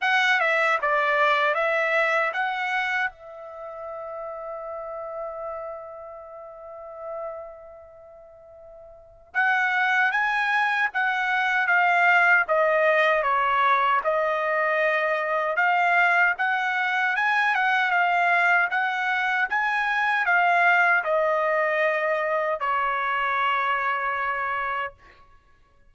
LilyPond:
\new Staff \with { instrumentName = "trumpet" } { \time 4/4 \tempo 4 = 77 fis''8 e''8 d''4 e''4 fis''4 | e''1~ | e''1 | fis''4 gis''4 fis''4 f''4 |
dis''4 cis''4 dis''2 | f''4 fis''4 gis''8 fis''8 f''4 | fis''4 gis''4 f''4 dis''4~ | dis''4 cis''2. | }